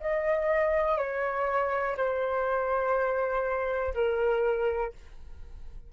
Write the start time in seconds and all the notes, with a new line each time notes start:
0.00 D#5
0.97 C#5
1.97 C5
3.94 A#4